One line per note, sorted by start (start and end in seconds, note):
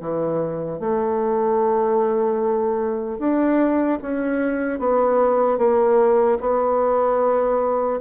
0.00 0.79 E3
0.79 3.19 A3
3.19 3.99 D4
4.02 4.79 C#4
4.79 5.57 B3
5.57 6.37 A#3
6.40 8.00 B3